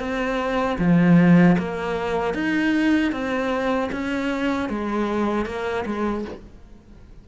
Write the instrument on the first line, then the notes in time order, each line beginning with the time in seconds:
cello
0.00 C4
0.79 F3
1.59 A#3
2.34 D#4
3.12 C4
3.92 C#4
4.69 G#3
5.46 A#3
5.86 G#3